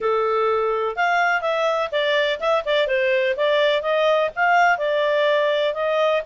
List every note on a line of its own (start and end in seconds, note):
0.00 0.96 A4
0.96 1.41 F5
1.41 1.89 E5
1.91 2.39 D5
2.40 2.64 E5
2.65 2.87 D5
2.87 3.35 C5
3.36 3.82 D5
3.82 4.30 D#5
4.35 4.77 F5
4.77 5.73 D5
5.74 6.22 D#5